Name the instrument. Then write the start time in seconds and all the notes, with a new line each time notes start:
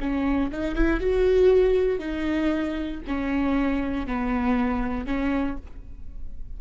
viola
0.00 C#4
0.51 D#4
0.75 E4
1.00 F#4
1.99 D#4
3.07 C#4
4.07 B3
5.06 C#4